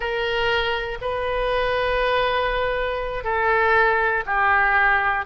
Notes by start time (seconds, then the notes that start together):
0.00 A#4
1.01 B4
3.24 A4
4.26 G4